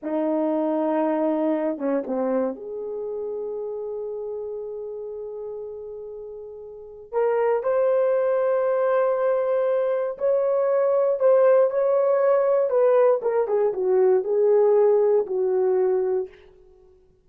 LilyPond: \new Staff \with { instrumentName = "horn" } { \time 4/4 \tempo 4 = 118 dis'2.~ dis'8 cis'8 | c'4 gis'2.~ | gis'1~ | gis'2 ais'4 c''4~ |
c''1 | cis''2 c''4 cis''4~ | cis''4 b'4 ais'8 gis'8 fis'4 | gis'2 fis'2 | }